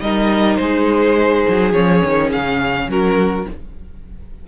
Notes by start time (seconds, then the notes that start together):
0.00 G3 D#4 A#4 D#5
0.56 G#3 G#4 C5
1.48 F#3
1.72 F3 C#4 C#5
2.04 D#3
2.32 C#3 F5
2.88 F#3 F#4 A#4